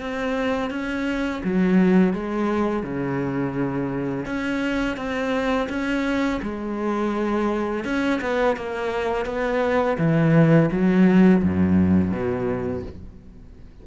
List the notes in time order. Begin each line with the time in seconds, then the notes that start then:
0.00 C4
0.70 C#4
1.44 F#3
2.13 G#3
2.83 C#3
4.25 C#4
4.96 C4
5.69 C#4
6.42 G#3
7.84 C#4
8.21 B3
8.56 A#3
9.25 B3
9.98 E3
10.71 F#3
11.44 F#2
12.11 B2